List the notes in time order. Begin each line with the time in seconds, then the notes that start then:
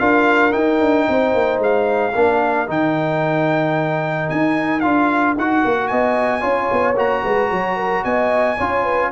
0.00 D4 F4 A#4 F5
0.52 D#4 G5
0.81 D4
1.09 C4 C5
1.34 A#3
1.59 G#3 F5
2.15 A#3 D4 A#4
2.68 D#3 D#4 G5
4.30 D#4 G#5
4.81 D4 F4 F5
5.37 D#4 F#4 F#5
5.65 A#3
5.88 B3 D#5 G#5
6.41 C#4 F4 C#5
6.72 B3
6.97 A#3 F#4 A#5
7.24 G#3 B4
7.51 F#3 C#5
7.77 A#4
8.05 B3 D#5 G#5
8.58 C#4 F4 C#5
8.83 B4